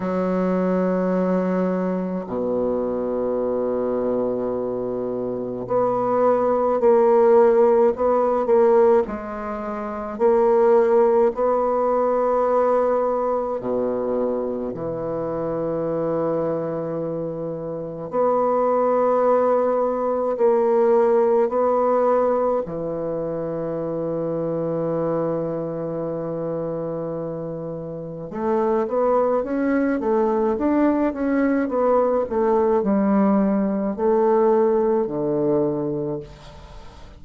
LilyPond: \new Staff \with { instrumentName = "bassoon" } { \time 4/4 \tempo 4 = 53 fis2 b,2~ | b,4 b4 ais4 b8 ais8 | gis4 ais4 b2 | b,4 e2. |
b2 ais4 b4 | e1~ | e4 a8 b8 cis'8 a8 d'8 cis'8 | b8 a8 g4 a4 d4 | }